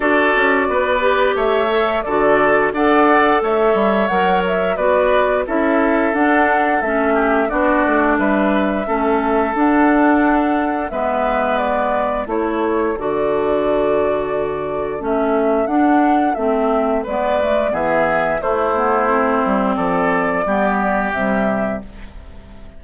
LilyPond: <<
  \new Staff \with { instrumentName = "flute" } { \time 4/4 \tempo 4 = 88 d''2 e''4 d''4 | fis''4 e''4 fis''8 e''8 d''4 | e''4 fis''4 e''4 d''4 | e''2 fis''2 |
e''4 d''4 cis''4 d''4~ | d''2 e''4 fis''4 | e''4 d''4 e''4 c''4~ | c''4 d''2 e''4 | }
  \new Staff \with { instrumentName = "oboe" } { \time 4/4 a'4 b'4 cis''4 a'4 | d''4 cis''2 b'4 | a'2~ a'8 g'8 fis'4 | b'4 a'2. |
b'2 a'2~ | a'1~ | a'4 b'4 gis'4 e'4~ | e'4 a'4 g'2 | }
  \new Staff \with { instrumentName = "clarinet" } { \time 4/4 fis'4. g'4 a'8 fis'4 | a'2 ais'4 fis'4 | e'4 d'4 cis'4 d'4~ | d'4 cis'4 d'2 |
b2 e'4 fis'4~ | fis'2 cis'4 d'4 | c'4 b8 a8 b4 a8 b8 | c'2 b4 g4 | }
  \new Staff \with { instrumentName = "bassoon" } { \time 4/4 d'8 cis'8 b4 a4 d4 | d'4 a8 g8 fis4 b4 | cis'4 d'4 a4 b8 a8 | g4 a4 d'2 |
gis2 a4 d4~ | d2 a4 d'4 | a4 gis4 e4 a4~ | a8 g8 f4 g4 c4 | }
>>